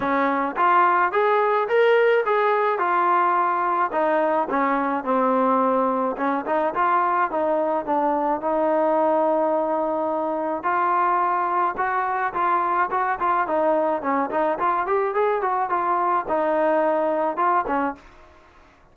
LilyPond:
\new Staff \with { instrumentName = "trombone" } { \time 4/4 \tempo 4 = 107 cis'4 f'4 gis'4 ais'4 | gis'4 f'2 dis'4 | cis'4 c'2 cis'8 dis'8 | f'4 dis'4 d'4 dis'4~ |
dis'2. f'4~ | f'4 fis'4 f'4 fis'8 f'8 | dis'4 cis'8 dis'8 f'8 g'8 gis'8 fis'8 | f'4 dis'2 f'8 cis'8 | }